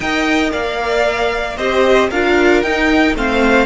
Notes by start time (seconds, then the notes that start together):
0.00 D#4 A#4 D#5 G5
0.51 A#3 D5 F5
1.56 C4 G4 C5 D#5
2.10 D4 F4 A#4 F5
2.62 D#4 G5
3.14 A3 C4 C5 F5